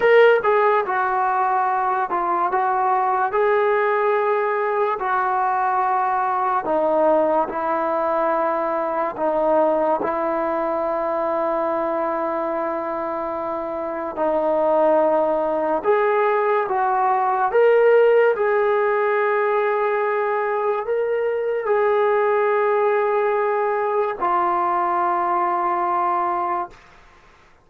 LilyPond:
\new Staff \with { instrumentName = "trombone" } { \time 4/4 \tempo 4 = 72 ais'8 gis'8 fis'4. f'8 fis'4 | gis'2 fis'2 | dis'4 e'2 dis'4 | e'1~ |
e'4 dis'2 gis'4 | fis'4 ais'4 gis'2~ | gis'4 ais'4 gis'2~ | gis'4 f'2. | }